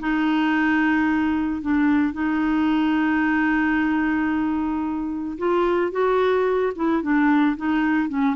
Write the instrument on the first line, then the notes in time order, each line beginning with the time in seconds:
clarinet
0.00 D#4
1.62 D4
2.14 D#4
5.38 F4
5.92 F#4
6.76 E4
7.02 D4
7.57 D#4
8.09 C#4